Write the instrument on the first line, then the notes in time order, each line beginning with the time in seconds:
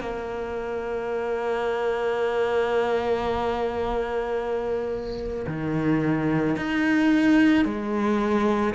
cello
0.00 A#3
5.47 D#3
6.56 D#4
7.65 G#3